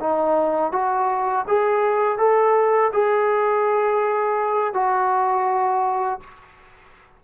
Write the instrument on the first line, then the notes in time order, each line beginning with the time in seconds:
trombone
0.00 D#4
0.72 F#4
1.48 G#4
2.18 A4
2.93 G#4
4.74 F#4